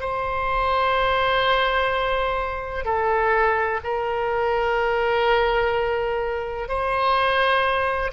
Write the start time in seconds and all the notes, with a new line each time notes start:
0.00 C5
2.84 A4
3.84 A#4
6.68 C5